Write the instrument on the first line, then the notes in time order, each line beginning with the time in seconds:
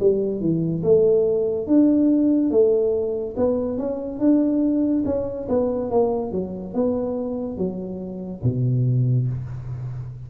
tuba
0.00 G3
0.40 E3
0.83 A3
1.67 D4
2.51 A3
3.36 B3
3.78 C#4
4.19 D4
5.06 C#4
5.49 B3
5.91 A#3
6.32 F#3
6.74 B3
7.57 F#3
8.43 B2